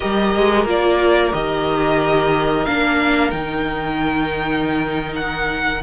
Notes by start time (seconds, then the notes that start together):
0.00 G3 G4 A#4 D#5
0.35 G#3
0.65 A#3 F4 D5
1.32 D#3 G4 D#5
2.65 A#3 D4 F5
3.30 D#3 D#4 G5
5.15 F#5